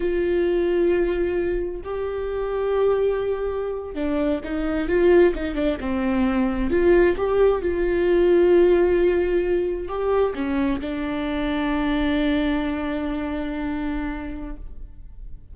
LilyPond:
\new Staff \with { instrumentName = "viola" } { \time 4/4 \tempo 4 = 132 f'1 | g'1~ | g'8. d'4 dis'4 f'4 dis'16~ | dis'16 d'8 c'2 f'4 g'16~ |
g'8. f'2.~ f'16~ | f'4.~ f'16 g'4 cis'4 d'16~ | d'1~ | d'1 | }